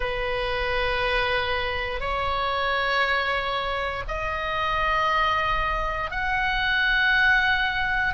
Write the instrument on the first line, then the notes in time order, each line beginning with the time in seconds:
oboe
0.00 B4
2.00 C#5
4.07 D#5
6.11 F#5